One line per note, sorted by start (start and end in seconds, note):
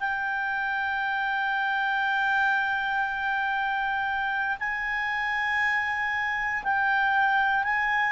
0.00 4.58 G5
4.60 6.63 G#5
6.64 7.64 G5
7.64 8.13 G#5